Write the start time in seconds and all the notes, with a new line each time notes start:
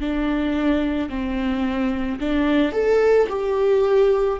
0.00 D4
1.09 C4
2.20 D4
2.72 A4
3.29 G4